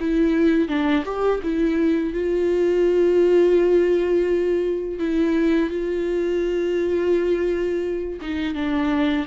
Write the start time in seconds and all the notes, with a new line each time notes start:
0.00 E4
0.68 D4
1.05 G4
1.43 E4
2.14 F4
4.99 E4
5.70 F4
8.21 D#4
8.55 D4